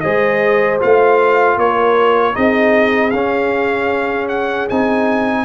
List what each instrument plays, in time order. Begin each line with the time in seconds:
0.00 tuba G#3, trombone G#4, horn C5, trumpet D#5
0.80 tuba A3, trombone F4, trumpet F5
1.57 tuba A#3, horn A#4, trumpet C#5
2.34 tuba C4, trombone D#4, horn G#4, trumpet D#5
3.11 tuba C#4, trombone C#4, trumpet F5
4.28 trumpet F#5
4.69 tuba C4, trombone D#4, trumpet G#5